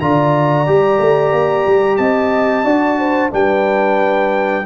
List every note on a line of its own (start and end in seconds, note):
0.00 0.68 D3
0.00 0.66 F4
0.00 1.98 D5
0.00 1.97 A#5
0.66 0.99 G3
0.66 2.65 G4
0.99 1.32 A3
1.32 1.66 A#3
1.67 1.98 G3
1.97 2.64 C4
1.97 2.65 D#5
1.97 3.30 A5
2.64 3.31 D4
2.64 3.31 F#4
2.64 2.98 D5
2.99 3.32 C5
3.31 4.66 G3
3.31 4.64 D4
3.31 4.66 B4
3.31 4.66 G5